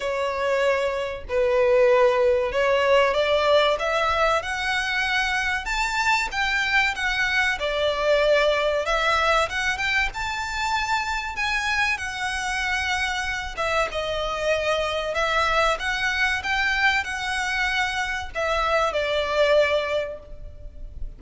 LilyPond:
\new Staff \with { instrumentName = "violin" } { \time 4/4 \tempo 4 = 95 cis''2 b'2 | cis''4 d''4 e''4 fis''4~ | fis''4 a''4 g''4 fis''4 | d''2 e''4 fis''8 g''8 |
a''2 gis''4 fis''4~ | fis''4. e''8 dis''2 | e''4 fis''4 g''4 fis''4~ | fis''4 e''4 d''2 | }